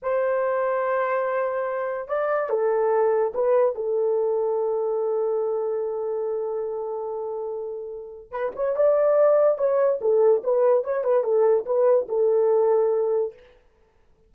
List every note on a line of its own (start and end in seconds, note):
0.02 2.08 C5
2.08 2.49 D5
2.49 3.33 A4
3.34 3.75 B4
3.75 8.31 A4
8.31 8.52 B4
8.55 8.75 C#5
8.75 9.58 D5
9.58 9.99 C#5
10.01 10.42 A4
10.43 10.84 B4
10.84 11.04 C#5
11.04 11.23 B4
11.23 11.65 A4
11.65 12.07 B4
12.08 13.33 A4